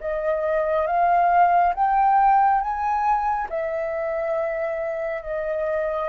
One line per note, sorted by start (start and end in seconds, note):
0.00 0.87 D#5
0.87 1.74 F5
1.74 2.61 G5
2.61 3.48 G#5
3.49 5.22 E5
5.22 6.09 D#5